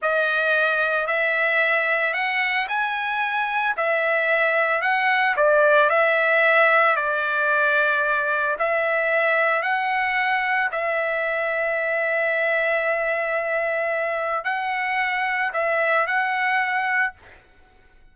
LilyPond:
\new Staff \with { instrumentName = "trumpet" } { \time 4/4 \tempo 4 = 112 dis''2 e''2 | fis''4 gis''2 e''4~ | e''4 fis''4 d''4 e''4~ | e''4 d''2. |
e''2 fis''2 | e''1~ | e''2. fis''4~ | fis''4 e''4 fis''2 | }